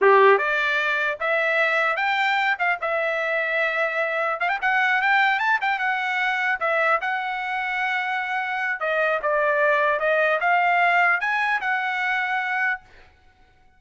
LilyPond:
\new Staff \with { instrumentName = "trumpet" } { \time 4/4 \tempo 4 = 150 g'4 d''2 e''4~ | e''4 g''4. f''8 e''4~ | e''2. f''16 g''16 fis''8~ | fis''8 g''4 a''8 g''8 fis''4.~ |
fis''8 e''4 fis''2~ fis''8~ | fis''2 dis''4 d''4~ | d''4 dis''4 f''2 | gis''4 fis''2. | }